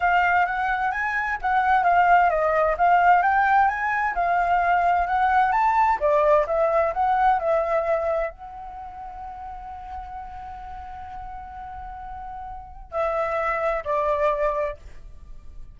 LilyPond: \new Staff \with { instrumentName = "flute" } { \time 4/4 \tempo 4 = 130 f''4 fis''4 gis''4 fis''4 | f''4 dis''4 f''4 g''4 | gis''4 f''2 fis''4 | a''4 d''4 e''4 fis''4 |
e''2 fis''2~ | fis''1~ | fis''1 | e''2 d''2 | }